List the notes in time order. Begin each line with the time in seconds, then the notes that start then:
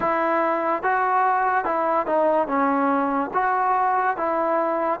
0.00 E4
0.83 F#4
1.64 E4
2.06 D#4
2.47 C#4
3.33 F#4
4.16 E4